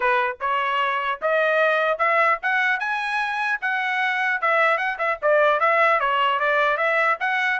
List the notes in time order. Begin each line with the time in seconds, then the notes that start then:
0.00 B4
0.40 C#5
1.21 D#5
1.98 E5
2.42 F#5
2.79 G#5
3.61 F#5
4.41 E5
4.77 F#5
4.98 E5
5.22 D5
5.59 E5
5.99 C#5
6.39 D5
6.77 E5
7.20 F#5